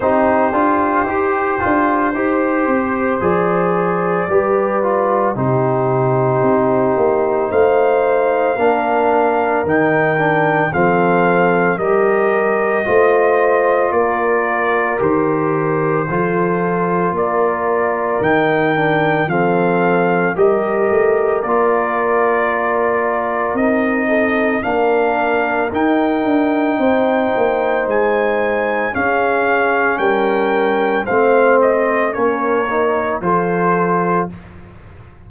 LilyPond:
<<
  \new Staff \with { instrumentName = "trumpet" } { \time 4/4 \tempo 4 = 56 c''2. d''4~ | d''4 c''2 f''4~ | f''4 g''4 f''4 dis''4~ | dis''4 d''4 c''2 |
d''4 g''4 f''4 dis''4 | d''2 dis''4 f''4 | g''2 gis''4 f''4 | g''4 f''8 dis''8 cis''4 c''4 | }
  \new Staff \with { instrumentName = "horn" } { \time 4/4 g'2 c''2 | b'4 g'2 c''4 | ais'2 a'4 ais'4 | c''4 ais'2 a'4 |
ais'2 a'4 ais'4~ | ais'2~ ais'8 a'8 ais'4~ | ais'4 c''2 gis'4 | ais'4 c''4 ais'4 a'4 | }
  \new Staff \with { instrumentName = "trombone" } { \time 4/4 dis'8 f'8 g'8 f'8 g'4 gis'4 | g'8 f'8 dis'2. | d'4 dis'8 d'8 c'4 g'4 | f'2 g'4 f'4~ |
f'4 dis'8 d'8 c'4 g'4 | f'2 dis'4 d'4 | dis'2. cis'4~ | cis'4 c'4 cis'8 dis'8 f'4 | }
  \new Staff \with { instrumentName = "tuba" } { \time 4/4 c'8 d'8 dis'8 d'8 dis'8 c'8 f4 | g4 c4 c'8 ais8 a4 | ais4 dis4 f4 g4 | a4 ais4 dis4 f4 |
ais4 dis4 f4 g8 a8 | ais2 c'4 ais4 | dis'8 d'8 c'8 ais8 gis4 cis'4 | g4 a4 ais4 f4 | }
>>